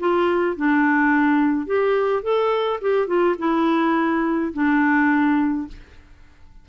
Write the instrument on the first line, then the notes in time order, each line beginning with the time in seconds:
clarinet
0.00 F4
0.57 D4
1.67 G4
2.23 A4
2.82 G4
3.07 F4
3.39 E4
4.54 D4